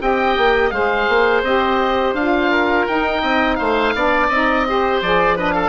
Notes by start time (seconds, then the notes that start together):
0.00 C4 G4 D#5 G5
0.37 A#3
0.71 G#3 G#4 C5 F5
1.09 A#3
1.43 C4 G4 D#5
2.13 D4 F4 F5
2.51 A#4
2.87 D#4 G5
3.22 C4 D#5
3.56 A3 C5 F5
3.95 B3 D4 D5
4.29 C4 D#4 D#5
4.68 G4 C5
5.02 F3 G#4 D5
5.37 D4 B4 D#5
5.52 A4 F5